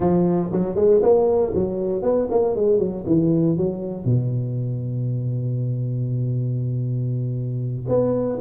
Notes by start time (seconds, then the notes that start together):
0.00 F3
0.52 F#3
0.75 G#3
1.02 A#3
1.54 F#3
2.02 B3
2.30 A#3
2.55 G#3
2.79 F#3
3.06 E3
3.57 F#3
4.04 B2
7.88 B3